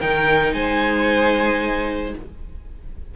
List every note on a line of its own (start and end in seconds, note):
0.00 0.54 D#3
0.00 2.16 D#4
0.00 0.54 A#4
0.00 0.54 G5
0.54 2.14 G#3
0.54 2.16 C5
0.54 2.15 G#5